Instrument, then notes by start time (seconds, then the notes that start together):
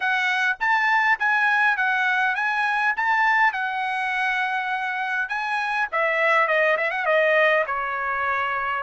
trumpet
0.00 F#5
0.60 A5
1.19 G#5
1.76 F#5
2.35 G#5
2.96 A5
3.52 F#5
5.28 G#5
5.92 E5
6.47 D#5
6.77 E5
6.90 F#5
7.05 D#5
7.66 C#5